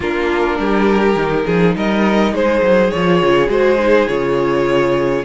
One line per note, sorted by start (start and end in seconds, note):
0.00 0.58 A#3
0.00 1.17 D4
0.00 0.57 F4
0.00 1.76 A#4
0.58 1.15 G3
0.58 1.45 G4
1.15 1.44 D#3
1.15 2.93 D#4
1.45 1.75 F3
1.45 1.75 G#4
1.75 2.32 G3
1.75 2.34 A#4
1.75 2.34 D#5
2.32 2.61 G#3
2.32 5.24 G#4
2.32 2.90 C5
2.62 2.91 F#3
2.90 3.22 F3
2.90 3.47 F4
2.90 3.49 C#5
3.22 3.48 C#3
3.47 4.06 G#3
3.47 3.77 F#4
3.47 4.08 C5
3.79 4.07 D#4
4.07 5.24 C#3
4.07 5.24 F4
4.07 5.24 C#5